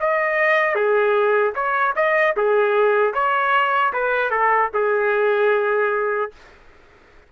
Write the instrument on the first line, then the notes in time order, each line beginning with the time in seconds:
trumpet
0.00 D#5
0.75 G#4
1.55 C#5
1.95 D#5
2.36 G#4
3.14 C#5
3.93 B4
4.30 A4
4.74 G#4